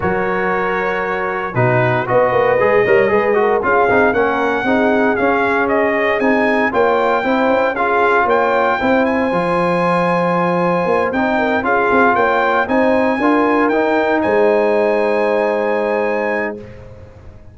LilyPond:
<<
  \new Staff \with { instrumentName = "trumpet" } { \time 4/4 \tempo 4 = 116 cis''2. b'4 | dis''2. f''4 | fis''2 f''4 dis''4 | gis''4 g''2 f''4 |
g''4. gis''2~ gis''8~ | gis''4. g''4 f''4 g''8~ | g''8 gis''2 g''4 gis''8~ | gis''1 | }
  \new Staff \with { instrumentName = "horn" } { \time 4/4 ais'2. fis'4 | b'4. cis''8 b'8 ais'8 gis'4 | ais'4 gis'2.~ | gis'4 cis''4 c''4 gis'4 |
cis''4 c''2.~ | c''2 ais'8 gis'4 cis''8~ | cis''8 c''4 ais'2 c''8~ | c''1 | }
  \new Staff \with { instrumentName = "trombone" } { \time 4/4 fis'2. dis'4 | fis'4 gis'8 ais'8 gis'8 fis'8 f'8 dis'8 | cis'4 dis'4 cis'2 | dis'4 f'4 e'4 f'4~ |
f'4 e'4 f'2~ | f'4. dis'4 f'4.~ | f'8 dis'4 f'4 dis'4.~ | dis'1 | }
  \new Staff \with { instrumentName = "tuba" } { \time 4/4 fis2. b,4 | b8 ais8 gis8 g8 gis4 cis'8 c'8 | ais4 c'4 cis'2 | c'4 ais4 c'8 cis'4. |
ais4 c'4 f2~ | f4 ais8 c'4 cis'8 c'8 ais8~ | ais8 c'4 d'4 dis'4 gis8~ | gis1 | }
>>